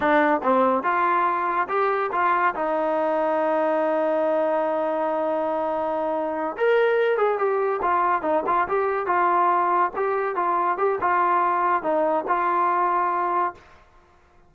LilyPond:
\new Staff \with { instrumentName = "trombone" } { \time 4/4 \tempo 4 = 142 d'4 c'4 f'2 | g'4 f'4 dis'2~ | dis'1~ | dis'2.~ dis'8 ais'8~ |
ais'4 gis'8 g'4 f'4 dis'8 | f'8 g'4 f'2 g'8~ | g'8 f'4 g'8 f'2 | dis'4 f'2. | }